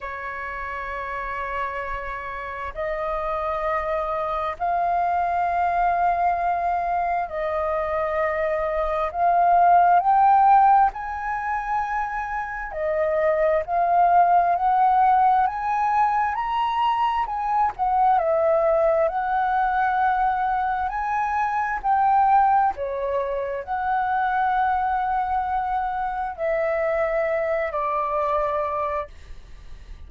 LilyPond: \new Staff \with { instrumentName = "flute" } { \time 4/4 \tempo 4 = 66 cis''2. dis''4~ | dis''4 f''2. | dis''2 f''4 g''4 | gis''2 dis''4 f''4 |
fis''4 gis''4 ais''4 gis''8 fis''8 | e''4 fis''2 gis''4 | g''4 cis''4 fis''2~ | fis''4 e''4. d''4. | }